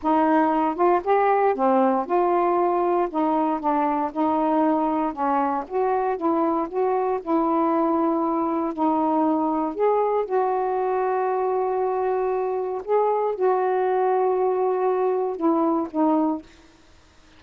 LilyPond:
\new Staff \with { instrumentName = "saxophone" } { \time 4/4 \tempo 4 = 117 dis'4. f'8 g'4 c'4 | f'2 dis'4 d'4 | dis'2 cis'4 fis'4 | e'4 fis'4 e'2~ |
e'4 dis'2 gis'4 | fis'1~ | fis'4 gis'4 fis'2~ | fis'2 e'4 dis'4 | }